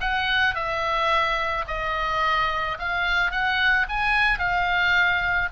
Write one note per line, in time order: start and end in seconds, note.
0.00 0.54 F#5
0.54 1.64 E5
1.67 2.77 D#5
2.78 3.31 F5
3.31 3.86 F#5
3.89 4.38 G#5
4.38 5.48 F5